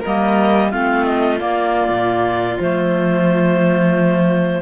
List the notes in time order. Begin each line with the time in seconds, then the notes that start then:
0.00 A#3 A#4 D#5
0.07 G3
0.71 A3 C4 F4 F5
1.05 D#5
1.38 A#3 D5
1.89 A#2
2.59 F3 A3 C5